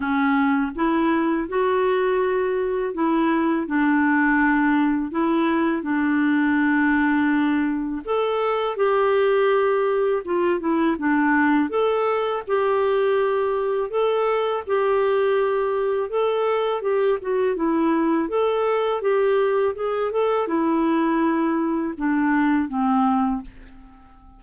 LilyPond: \new Staff \with { instrumentName = "clarinet" } { \time 4/4 \tempo 4 = 82 cis'4 e'4 fis'2 | e'4 d'2 e'4 | d'2. a'4 | g'2 f'8 e'8 d'4 |
a'4 g'2 a'4 | g'2 a'4 g'8 fis'8 | e'4 a'4 g'4 gis'8 a'8 | e'2 d'4 c'4 | }